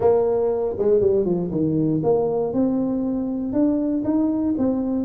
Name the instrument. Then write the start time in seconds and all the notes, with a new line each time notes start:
tuba
0.00 A#3
0.78 G#3
1.00 G3
1.25 F3
1.51 D#3
2.03 A#3
2.53 C4
3.52 D4
4.04 D#4
4.57 C4